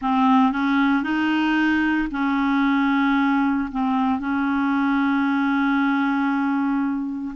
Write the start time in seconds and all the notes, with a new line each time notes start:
0.01 C4
0.52 C#4
1.02 D#4
2.11 C#4
3.71 C4
4.19 C#4